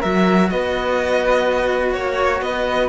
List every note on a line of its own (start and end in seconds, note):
0.00 0.51 F#3
0.00 2.89 F#4
0.00 0.48 A#4
0.00 0.49 E5
0.49 1.94 B3
0.49 1.95 B4
0.49 1.93 D#5
1.93 2.40 A#3
1.93 2.41 C#5
1.93 2.43 C#5
2.40 2.88 B3
2.40 2.89 B4
2.40 2.89 D#5